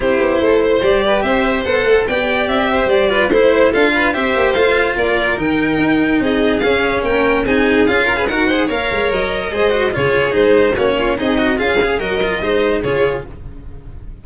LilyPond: <<
  \new Staff \with { instrumentName = "violin" } { \time 4/4 \tempo 4 = 145 c''2 d''4 e''4 | fis''4 g''4 e''4 d''4 | c''4 f''4 e''4 f''4 | d''4 g''2 dis''4 |
f''4 g''4 gis''4 f''4 | fis''4 f''4 dis''2 | cis''4 c''4 cis''4 dis''4 | f''4 dis''2 cis''4 | }
  \new Staff \with { instrumentName = "violin" } { \time 4/4 g'4 a'8 c''4 b'8 c''4~ | c''4 d''4. c''4 b'8 | c''4 a'8 b'8 c''2 | ais'2. gis'4~ |
gis'4 ais'4 gis'4. ais'16 b'16 | ais'8 c''8 cis''2 c''4 | gis'2 fis'8 f'8 dis'4 | gis'4 ais'4 c''4 gis'4 | }
  \new Staff \with { instrumentName = "cello" } { \time 4/4 e'2 g'2 | a'4 g'2~ g'8 f'8 | e'4 f'4 g'4 f'4~ | f'4 dis'2. |
cis'2 dis'4 f'8. gis'16 | fis'8 gis'8 ais'2 gis'8 fis'8 | f'4 dis'4 cis'4 gis'8 fis'8 | f'8 gis'8 fis'8 f'8 dis'4 f'4 | }
  \new Staff \with { instrumentName = "tuba" } { \time 4/4 c'8 b8 a4 g4 c'4 | b8 a8 b4 c'4 g4 | a4 d'4 c'8 ais8 a4 | ais4 dis4 dis'4 c'4 |
cis'4 ais4 c'4 cis'4 | dis'4 ais8 gis8 fis4 gis4 | cis4 gis4 ais4 c'4 | cis'4 fis4 gis4 cis4 | }
>>